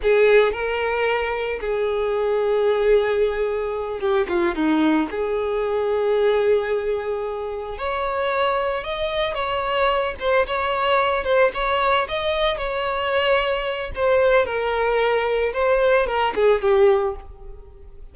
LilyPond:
\new Staff \with { instrumentName = "violin" } { \time 4/4 \tempo 4 = 112 gis'4 ais'2 gis'4~ | gis'2.~ gis'8 g'8 | f'8 dis'4 gis'2~ gis'8~ | gis'2~ gis'8 cis''4.~ |
cis''8 dis''4 cis''4. c''8 cis''8~ | cis''4 c''8 cis''4 dis''4 cis''8~ | cis''2 c''4 ais'4~ | ais'4 c''4 ais'8 gis'8 g'4 | }